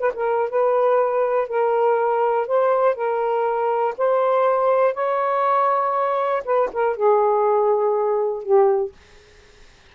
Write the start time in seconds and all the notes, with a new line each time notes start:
0.00 B4
0.14 A#4
0.50 B4
1.48 A#4
2.47 C5
2.95 A#4
3.98 C5
4.94 C#5
6.45 B4
6.73 A#4
6.96 G#4
8.43 G4